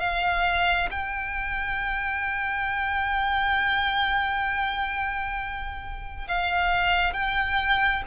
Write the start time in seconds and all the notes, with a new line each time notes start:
0.00 F5
0.91 G5
6.28 F5
7.14 G5